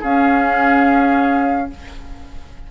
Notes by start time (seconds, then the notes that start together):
0.00 C#4 G#4 F5